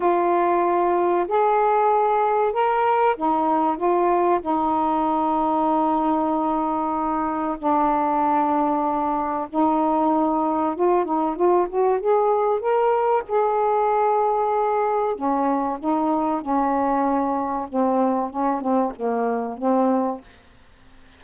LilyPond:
\new Staff \with { instrumentName = "saxophone" } { \time 4/4 \tempo 4 = 95 f'2 gis'2 | ais'4 dis'4 f'4 dis'4~ | dis'1 | d'2. dis'4~ |
dis'4 f'8 dis'8 f'8 fis'8 gis'4 | ais'4 gis'2. | cis'4 dis'4 cis'2 | c'4 cis'8 c'8 ais4 c'4 | }